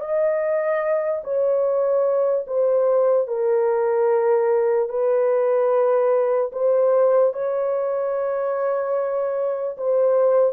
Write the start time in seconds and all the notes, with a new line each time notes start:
0.00 D#5
1.23 C#5
2.47 C5
3.27 A#4
4.89 B4
6.52 C5
7.33 C#5
9.77 C5